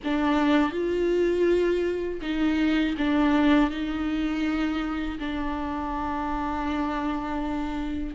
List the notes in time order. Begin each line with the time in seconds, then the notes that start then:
0.04 D4
0.72 F4
2.21 D#4
2.97 D4
3.70 D#4
5.19 D4